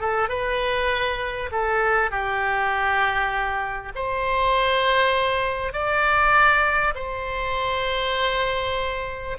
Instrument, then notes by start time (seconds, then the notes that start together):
oboe
0.00 A4
0.29 B4
1.52 A4
2.11 G4
3.95 C5
5.73 D5
6.95 C5